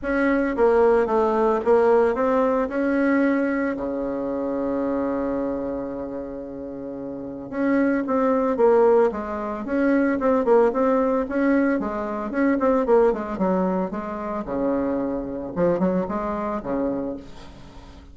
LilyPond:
\new Staff \with { instrumentName = "bassoon" } { \time 4/4 \tempo 4 = 112 cis'4 ais4 a4 ais4 | c'4 cis'2 cis4~ | cis1~ | cis2 cis'4 c'4 |
ais4 gis4 cis'4 c'8 ais8 | c'4 cis'4 gis4 cis'8 c'8 | ais8 gis8 fis4 gis4 cis4~ | cis4 f8 fis8 gis4 cis4 | }